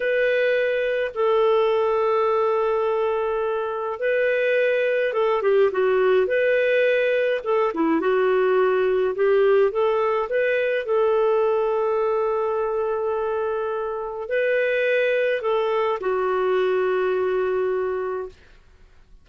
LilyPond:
\new Staff \with { instrumentName = "clarinet" } { \time 4/4 \tempo 4 = 105 b'2 a'2~ | a'2. b'4~ | b'4 a'8 g'8 fis'4 b'4~ | b'4 a'8 e'8 fis'2 |
g'4 a'4 b'4 a'4~ | a'1~ | a'4 b'2 a'4 | fis'1 | }